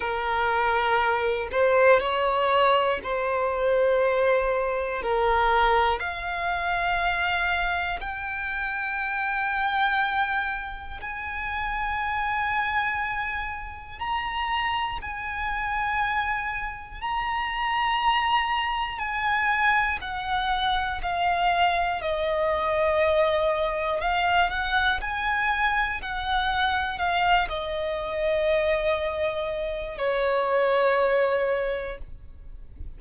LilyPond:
\new Staff \with { instrumentName = "violin" } { \time 4/4 \tempo 4 = 60 ais'4. c''8 cis''4 c''4~ | c''4 ais'4 f''2 | g''2. gis''4~ | gis''2 ais''4 gis''4~ |
gis''4 ais''2 gis''4 | fis''4 f''4 dis''2 | f''8 fis''8 gis''4 fis''4 f''8 dis''8~ | dis''2 cis''2 | }